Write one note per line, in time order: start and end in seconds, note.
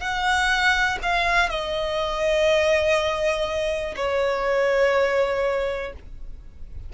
0.00 0.98 F#5
1.02 1.49 F5
1.49 3.95 D#5
3.96 5.93 C#5